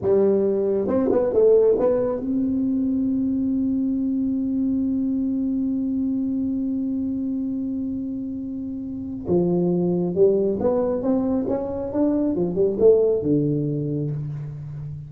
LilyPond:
\new Staff \with { instrumentName = "tuba" } { \time 4/4 \tempo 4 = 136 g2 c'8 b8 a4 | b4 c'2.~ | c'1~ | c'1~ |
c'1~ | c'4 f2 g4 | b4 c'4 cis'4 d'4 | f8 g8 a4 d2 | }